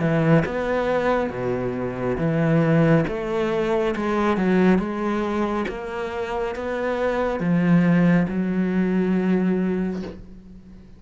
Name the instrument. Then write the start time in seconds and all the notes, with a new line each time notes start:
cello
0.00 E3
0.45 B3
1.30 B2
2.18 E3
3.08 A3
3.96 G#3
4.37 F#3
4.79 G#3
5.68 A#3
6.55 B3
7.40 F3
8.28 F#3